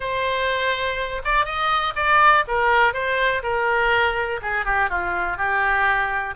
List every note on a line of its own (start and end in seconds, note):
0.00 1.22 C5
1.24 1.45 D5
1.45 1.93 D#5
1.95 2.44 D5
2.47 2.93 A#4
2.93 3.42 C5
3.42 4.40 A#4
4.41 4.65 G#4
4.65 4.89 G4
4.89 5.37 F4
5.37 6.35 G4